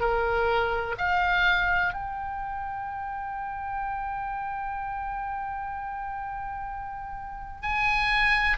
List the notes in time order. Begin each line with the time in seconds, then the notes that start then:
0.00 A#4
0.97 F5
1.93 G5
7.61 G#5